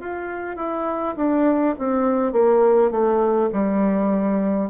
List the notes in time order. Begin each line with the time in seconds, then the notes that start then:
0.00 F4
0.56 E4
1.17 D4
1.79 C4
2.33 A#3
2.91 A3
3.52 G3